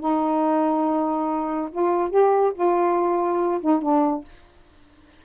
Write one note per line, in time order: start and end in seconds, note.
0.00 1.70 D#4
1.72 2.10 F4
2.10 2.53 G4
2.55 3.61 F4
3.62 3.82 D#4
3.82 4.25 D4